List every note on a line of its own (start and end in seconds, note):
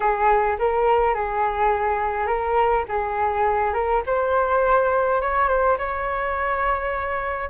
0.00 0.57 G#4
0.58 1.14 A#4
1.14 2.27 G#4
2.27 2.84 A#4
2.88 3.73 G#4
3.73 4.02 A#4
4.06 5.21 C5
5.21 5.48 C#5
5.48 5.77 C5
5.77 7.49 C#5